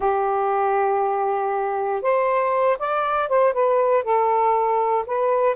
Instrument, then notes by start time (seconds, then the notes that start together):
saxophone
0.00 G4
2.02 C5
2.78 D5
3.28 C5
3.53 B4
4.03 A4
5.06 B4